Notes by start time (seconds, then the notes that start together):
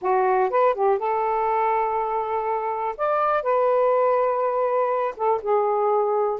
0.01 F#4
0.49 B4
0.74 G4
0.98 A4
2.97 D5
3.42 B4
5.16 A4
5.42 G#4